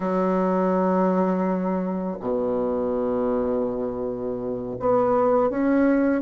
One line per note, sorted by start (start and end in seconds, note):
0.00 2.17 F#3
2.20 4.76 B2
4.79 5.50 B3
5.50 6.21 C#4